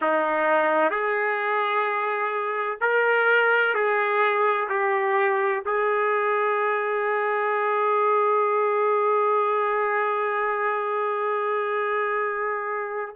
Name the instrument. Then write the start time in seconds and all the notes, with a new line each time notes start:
trumpet
0.01 D#4
0.90 G#4
2.80 A#4
3.74 G#4
4.69 G4
5.65 G#4